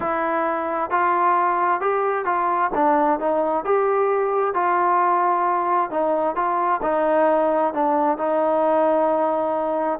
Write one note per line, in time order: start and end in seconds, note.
0.00 0.90 E4
0.90 1.80 F4
1.80 2.25 G4
2.25 2.70 F4
2.74 3.19 D4
3.19 3.64 D#4
3.64 4.54 G4
4.54 5.90 F4
5.90 6.35 D#4
6.35 6.81 F4
6.82 7.73 D#4
7.73 8.17 D4
8.17 9.99 D#4